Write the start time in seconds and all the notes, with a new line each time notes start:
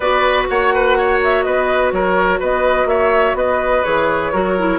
0.00 B3 F#4 B4 D5
0.48 A#3 C#5 F#5
0.73 B4
0.97 C#5
1.23 E5
1.43 B3 B4 D#5
1.91 F#3 A#4 C#5
2.39 B3 B4 D#5
2.85 A#3 C#5 E5
3.34 B3 B4 D#5
3.83 E3 G#4 C#5
4.32 F#3 F#4 A#4
4.58 E4